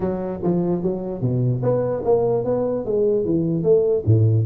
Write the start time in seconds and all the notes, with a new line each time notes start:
0.00 F#3
0.43 F3
0.82 F#3
1.21 B2
1.62 B3
2.04 A#3
2.44 B3
2.85 G#3
3.25 E3
3.63 A3
4.05 A2